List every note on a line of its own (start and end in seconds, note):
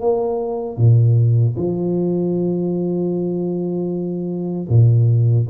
0.00 0.77 A#3
0.77 1.55 A#2
1.56 4.68 F3
4.69 5.47 A#2